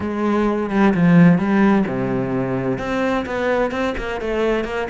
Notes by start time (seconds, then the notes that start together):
0.00 G#3
0.70 G3
0.94 F3
1.38 G3
1.87 C3
2.78 C4
3.26 B3
3.71 C4
3.97 A#3
4.21 A3
4.64 A#3